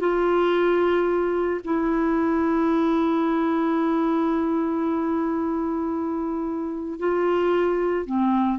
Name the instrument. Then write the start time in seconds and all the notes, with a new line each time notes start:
clarinet
0.00 F4
1.64 E4
6.99 F4
8.06 C4